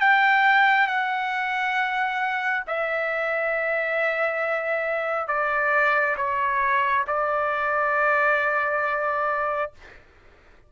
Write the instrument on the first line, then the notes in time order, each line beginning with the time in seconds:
trumpet
0.00 G5
0.87 F#5
2.67 E5
5.27 D5
6.17 C#5
7.07 D5